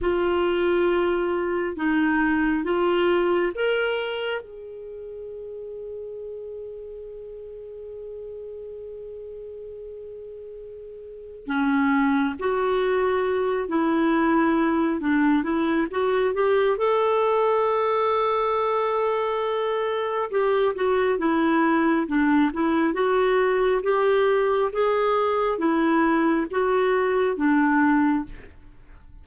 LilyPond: \new Staff \with { instrumentName = "clarinet" } { \time 4/4 \tempo 4 = 68 f'2 dis'4 f'4 | ais'4 gis'2.~ | gis'1~ | gis'4 cis'4 fis'4. e'8~ |
e'4 d'8 e'8 fis'8 g'8 a'4~ | a'2. g'8 fis'8 | e'4 d'8 e'8 fis'4 g'4 | gis'4 e'4 fis'4 d'4 | }